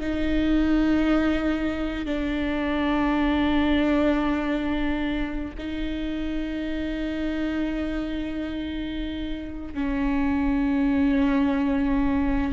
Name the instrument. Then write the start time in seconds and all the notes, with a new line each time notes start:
viola
0.00 D#4
2.05 D4
5.58 D#4
9.74 C#4